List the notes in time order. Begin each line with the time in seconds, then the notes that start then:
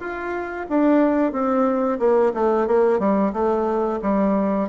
0.00 F4
0.70 D4
1.32 C4
1.99 A#3
2.34 A3
2.68 A#3
2.99 G3
3.33 A3
4.02 G3